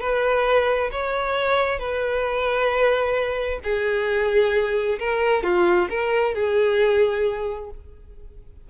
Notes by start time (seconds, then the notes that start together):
0.00 B4
0.91 C#5
1.79 B4
3.64 G#4
4.99 A#4
5.43 F4
5.89 A#4
6.34 G#4